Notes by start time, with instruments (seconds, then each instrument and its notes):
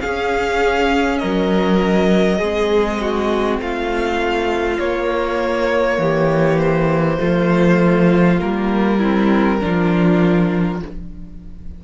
0.00 viola C#4, cello C#4, violin G#4 F5
1.18 cello F#3, violin A#4 D#5
2.38 cello G#3, viola C4, violin G#4
3.01 violin F#4
3.58 cello A3, violin F4 F5
4.79 cello A#3, viola A#3, violin C#5
5.98 cello E3, violin G4
6.58 violin C5
7.19 cello F3, viola A3, violin F4
8.38 cello G3, viola A#3, violin A#4
8.97 viola C4, violin E4
9.60 cello F3, viola D4, violin F4